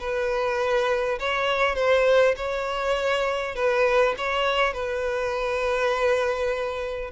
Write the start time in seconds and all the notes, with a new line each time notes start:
0.00 B4
1.20 C#5
1.76 C5
2.37 C#5
3.55 B4
4.18 C#5
4.73 B4